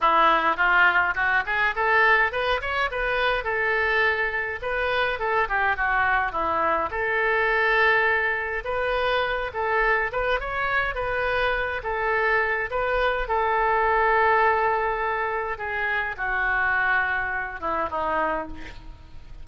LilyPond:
\new Staff \with { instrumentName = "oboe" } { \time 4/4 \tempo 4 = 104 e'4 f'4 fis'8 gis'8 a'4 | b'8 cis''8 b'4 a'2 | b'4 a'8 g'8 fis'4 e'4 | a'2. b'4~ |
b'8 a'4 b'8 cis''4 b'4~ | b'8 a'4. b'4 a'4~ | a'2. gis'4 | fis'2~ fis'8 e'8 dis'4 | }